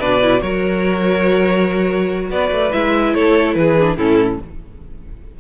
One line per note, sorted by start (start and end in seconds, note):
0.00 0.42 B2
0.00 0.22 D4
0.00 0.41 B4
0.00 0.42 D5
0.22 0.41 E4
0.41 2.30 F#3
0.41 2.71 F#4
0.41 2.30 A#4
0.41 2.31 C#5
2.30 2.51 B3
2.30 3.15 B4
2.30 2.73 D5
2.52 2.73 A3
2.72 3.15 G#3
2.72 3.77 E4
2.72 3.15 E5
3.15 3.56 A3
3.15 3.56 A4
3.15 3.55 C#5
3.55 3.97 E3
3.55 3.98 G#4
3.55 3.97 B4
3.81 3.98 D4
3.97 4.39 A2
3.97 4.40 C#4
3.97 4.40 E4
3.97 4.41 A4